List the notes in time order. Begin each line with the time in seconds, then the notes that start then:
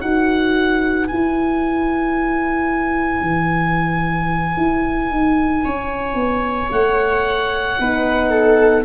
0.00 D#4 F#4 B4 F#5
1.07 E4 G#5
3.21 E3
4.57 E4
5.10 D#4
5.64 C#4 C#5
6.14 B3
6.71 A3 F#5
7.78 B3 D#4 B4
8.30 A4